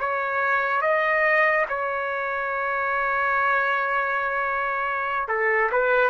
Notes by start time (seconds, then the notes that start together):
0.00 C#5
0.82 D#5
1.69 C#5
5.29 A4
5.72 B4